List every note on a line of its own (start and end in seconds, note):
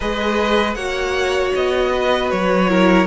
0.00 0.75 G#3
0.00 0.77 G#4
0.00 0.76 B4
0.00 0.74 D#5
0.74 1.52 A#3
0.74 2.68 F#4
0.74 1.92 C#5
0.74 1.51 F#5
1.55 2.31 B3
1.55 2.30 D#5
1.93 2.70 B4
2.30 3.07 F#3
2.30 3.07 C#5
2.68 3.07 E4
2.68 3.07 A#4